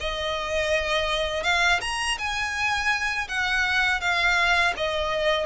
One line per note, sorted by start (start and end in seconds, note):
0.00 1.43 D#5
1.43 1.80 F5
1.81 2.18 A#5
2.18 3.28 G#5
3.28 4.00 F#5
4.00 4.74 F5
4.77 5.46 D#5